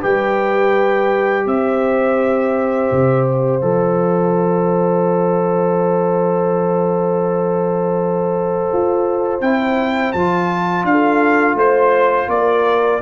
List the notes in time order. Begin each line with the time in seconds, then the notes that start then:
0.00 G3 G4 B4 G5
1.46 C4 C5 E5
2.91 C3
3.28 F5
3.61 F3 A4
8.73 F4
9.41 C4 E4 G5
10.12 F3 F4 A5
10.84 D4 F5
10.91 A4
11.54 A3 C5
12.28 A#3 A#4 D5